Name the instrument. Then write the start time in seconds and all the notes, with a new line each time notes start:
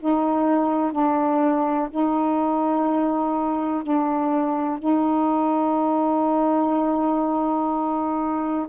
saxophone
0.00 D#4
0.92 D4
1.91 D#4
3.84 D4
4.79 D#4